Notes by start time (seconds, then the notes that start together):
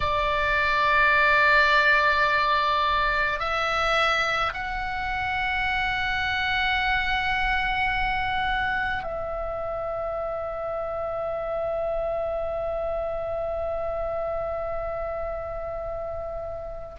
0.00 D5
3.39 E5
4.53 F#5
9.03 E5